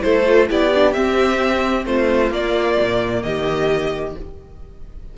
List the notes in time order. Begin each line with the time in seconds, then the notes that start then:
0.00 A3 E4 A4 C5
0.26 F4
0.49 B3 E4 G4 D5
0.75 D4
0.93 C4 E5
1.86 A3 F4 C5
2.31 A#3 D5
2.81 A#2
3.23 D#3 G4 D#5